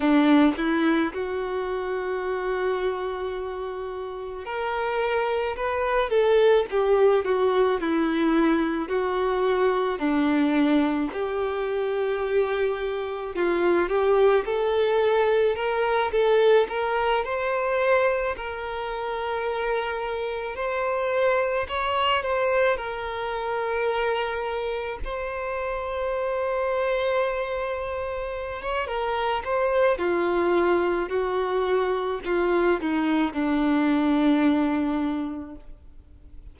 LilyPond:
\new Staff \with { instrumentName = "violin" } { \time 4/4 \tempo 4 = 54 d'8 e'8 fis'2. | ais'4 b'8 a'8 g'8 fis'8 e'4 | fis'4 d'4 g'2 | f'8 g'8 a'4 ais'8 a'8 ais'8 c''8~ |
c''8 ais'2 c''4 cis''8 | c''8 ais'2 c''4.~ | c''4.~ c''16 cis''16 ais'8 c''8 f'4 | fis'4 f'8 dis'8 d'2 | }